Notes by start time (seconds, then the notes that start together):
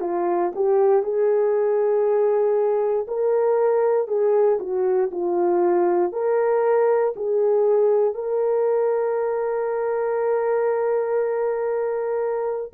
0.00 F4
0.55 G4
1.03 G#4
3.07 A#4
4.07 G#4
4.59 F#4
5.11 F4
6.12 A#4
7.16 G#4
8.14 A#4